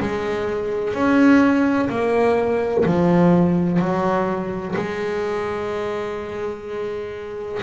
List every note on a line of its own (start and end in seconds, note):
0.00 0.94 G#3
0.94 1.89 C#4
1.90 2.85 A#3
2.86 3.80 F3
3.80 4.75 F#3
4.76 7.62 G#3